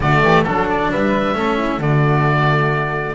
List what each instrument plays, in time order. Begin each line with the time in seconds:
0.00 double bass D3, cello A3, flute F#4, oboe D5
0.22 double bass E3, flute G4
0.43 double bass F#3, cello D4, oboe A4, flute A4
0.70 oboe D5
0.91 double bass G3, flute B4, oboe E5
1.33 double bass A3, cello C#4, flute A4
1.57 flute E4
1.78 double bass D3, cello A3, flute F#4, oboe D5